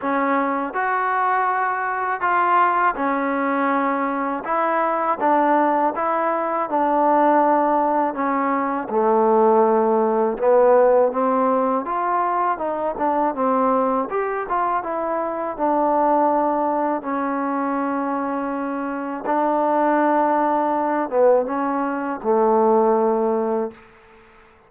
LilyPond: \new Staff \with { instrumentName = "trombone" } { \time 4/4 \tempo 4 = 81 cis'4 fis'2 f'4 | cis'2 e'4 d'4 | e'4 d'2 cis'4 | a2 b4 c'4 |
f'4 dis'8 d'8 c'4 g'8 f'8 | e'4 d'2 cis'4~ | cis'2 d'2~ | d'8 b8 cis'4 a2 | }